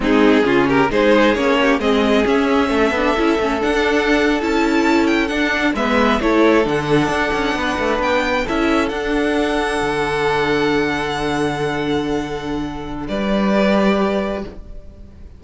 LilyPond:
<<
  \new Staff \with { instrumentName = "violin" } { \time 4/4 \tempo 4 = 133 gis'4. ais'8 c''4 cis''4 | dis''4 e''2. | fis''4.~ fis''16 a''4. g''8 fis''16~ | fis''8. e''4 cis''4 fis''4~ fis''16~ |
fis''4.~ fis''16 g''4 e''4 fis''16~ | fis''1~ | fis''1~ | fis''4 d''2. | }
  \new Staff \with { instrumentName = "violin" } { \time 4/4 dis'4 f'8 g'8 gis'4. g'8 | gis'2 a'2~ | a'1~ | a'8. b'4 a'2~ a'16~ |
a'8. b'2 a'4~ a'16~ | a'1~ | a'1~ | a'4 b'2. | }
  \new Staff \with { instrumentName = "viola" } { \time 4/4 c'4 cis'4 dis'4 cis'4 | c'4 cis'4. d'8 e'8 cis'8 | d'4.~ d'16 e'2 d'16~ | d'8. b4 e'4 d'4~ d'16~ |
d'2~ d'8. e'4 d'16~ | d'1~ | d'1~ | d'2 g'2 | }
  \new Staff \with { instrumentName = "cello" } { \time 4/4 gis4 cis4 gis4 ais4 | gis4 cis'4 a8 b8 cis'8 a8 | d'4.~ d'16 cis'2 d'16~ | d'8. gis4 a4 d4 d'16~ |
d'16 cis'8 b8 a8 b4 cis'4 d'16~ | d'4.~ d'16 d2~ d16~ | d1~ | d4 g2. | }
>>